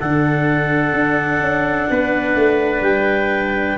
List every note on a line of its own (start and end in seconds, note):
0.00 0.93 D3
0.00 3.78 D4
0.00 1.91 A4
0.00 2.83 F#5
0.93 1.39 D4
1.39 1.87 C#4
1.90 2.36 B3
1.90 3.78 B4
2.36 2.82 A3
2.82 3.77 G3
2.82 3.78 G5